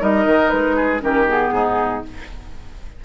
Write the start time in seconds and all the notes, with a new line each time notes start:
0.00 G3 D#4 A#4 D#5
0.26 D#3
0.50 G#3 B4
0.77 G#4
1.01 D#3 C#4 G4 A#4
1.28 B3 G#4
1.52 G#2 D#4